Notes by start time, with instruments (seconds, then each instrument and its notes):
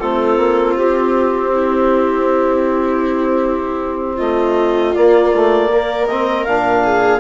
0.00 bassoon A3, trombone C4, viola F4, clarinet A4
0.38 bassoon A#3
0.77 bassoon C4, clarinet G4
1.53 viola E4
4.17 bassoon A3, viola F4, clarinet D#5
4.94 trombone A#3, bassoon A#3, clarinet D5
5.35 trombone A3
5.71 trombone A#3, viola A#4
6.07 trombone C4, clarinet D#5
6.45 bassoon A#2, trombone D4, clarinet F5
6.84 viola G#4